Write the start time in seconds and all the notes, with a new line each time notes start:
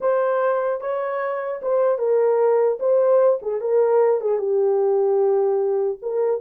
0.00 C5
0.81 C#5
1.62 C5
1.98 A#4
2.79 C5
3.42 G#4
3.60 A#4
4.21 G#4
4.38 G4
6.01 A#4